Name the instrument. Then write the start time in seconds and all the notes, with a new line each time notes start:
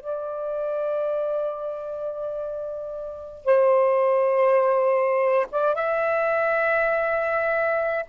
saxophone
0.00 D5
3.45 C5
5.51 D5
5.74 E5